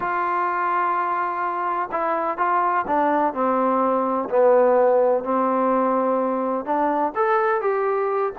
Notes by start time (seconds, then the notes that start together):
0.00 F4
1.91 E4
2.37 F4
2.87 D4
3.33 C4
4.29 B3
5.24 C4
6.65 D4
7.15 A4
7.61 G4